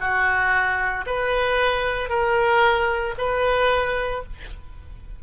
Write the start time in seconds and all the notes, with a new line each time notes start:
0.00 F#4
1.06 B4
2.09 A#4
3.18 B4